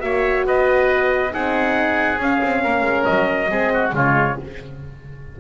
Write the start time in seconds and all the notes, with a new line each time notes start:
0.00 A#3 F#4 C#5 E5
0.46 B3 B4 D#5
1.31 C4 D#4 G#4 F#5
2.19 C#4 F5
2.42 C4
2.63 A#3 A#4
2.82 G#3
3.05 F#3 D#5
3.49 G#3 C4 G#4
3.73 F#4
3.93 C#3 G#3 F4 C#5